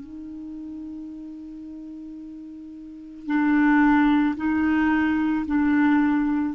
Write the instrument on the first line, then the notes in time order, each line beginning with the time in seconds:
clarinet
0.00 D#4
3.26 D4
4.37 D#4
5.46 D4